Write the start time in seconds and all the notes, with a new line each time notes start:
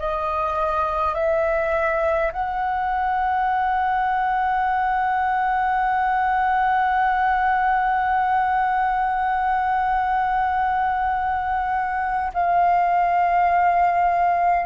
0.00 D#5
1.15 E5
2.33 F#5
12.34 F5